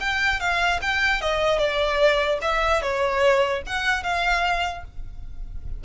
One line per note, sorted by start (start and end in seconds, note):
0.00 0.40 G5
0.40 0.80 F5
0.82 1.21 G5
1.21 1.59 D#5
1.59 2.39 D5
2.42 2.82 E5
2.82 3.63 C#5
3.66 4.04 F#5
4.04 4.84 F5